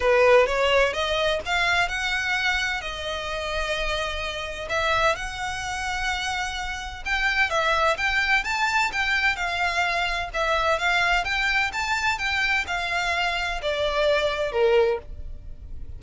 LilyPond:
\new Staff \with { instrumentName = "violin" } { \time 4/4 \tempo 4 = 128 b'4 cis''4 dis''4 f''4 | fis''2 dis''2~ | dis''2 e''4 fis''4~ | fis''2. g''4 |
e''4 g''4 a''4 g''4 | f''2 e''4 f''4 | g''4 a''4 g''4 f''4~ | f''4 d''2 ais'4 | }